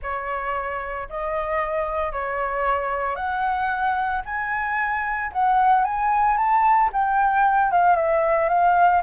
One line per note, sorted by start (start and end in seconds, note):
0.02 1.08 C#5
1.09 2.12 D#5
2.12 3.15 C#5
3.15 4.22 F#5
4.25 5.31 G#5
5.32 5.84 F#5
5.84 6.37 G#5
6.37 6.90 A5
6.92 7.71 G5
7.71 7.96 F5
7.96 8.48 E5
8.48 9.01 F5